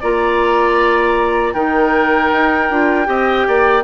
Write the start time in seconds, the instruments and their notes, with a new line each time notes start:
0.00 bassoon A#3, clarinet F4, oboe D5, flute A#5
1.53 bassoon D#3, clarinet D#4, oboe A#4, flute G5
2.32 bassoon D#4
2.70 bassoon D4, clarinet F4
3.05 bassoon C4, clarinet G4, oboe D#5
3.47 bassoon A#3, oboe D5